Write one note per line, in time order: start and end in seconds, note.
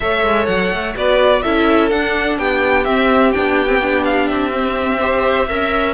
0.00 0.23 A3
0.00 0.95 A4
0.00 0.96 C#5
0.00 0.45 E5
0.23 0.47 G#3
0.45 0.71 F#3
0.45 0.93 F#5
0.71 0.95 A3
0.95 1.43 B3
0.95 1.42 F#4
0.95 1.43 B4
0.95 1.42 D5
1.42 1.91 C#4
1.42 1.91 E4
1.42 2.38 A4
1.42 1.89 E5
1.89 2.38 D4
1.89 2.85 D4
1.89 2.37 F#5
2.38 2.85 B3
2.38 4.99 G4
2.38 2.84 G5
2.84 3.33 C4
2.84 3.31 E5
3.31 4.30 B3
3.31 3.67 D4
3.31 4.03 G5
3.67 3.79 C4
3.81 4.52 D4
4.04 4.27 F5
4.27 5.49 C4
4.27 5.93 E5
4.52 4.99 C4
4.99 5.47 G4
4.99 5.47 C5
5.47 5.93 C#4
5.47 5.93 A#4
5.47 5.93 E5